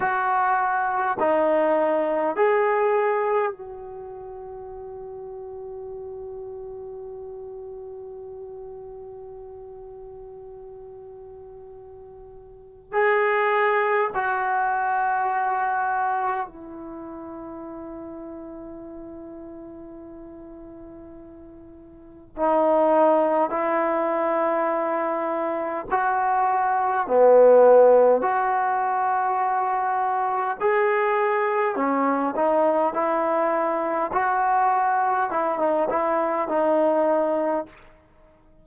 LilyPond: \new Staff \with { instrumentName = "trombone" } { \time 4/4 \tempo 4 = 51 fis'4 dis'4 gis'4 fis'4~ | fis'1~ | fis'2. gis'4 | fis'2 e'2~ |
e'2. dis'4 | e'2 fis'4 b4 | fis'2 gis'4 cis'8 dis'8 | e'4 fis'4 e'16 dis'16 e'8 dis'4 | }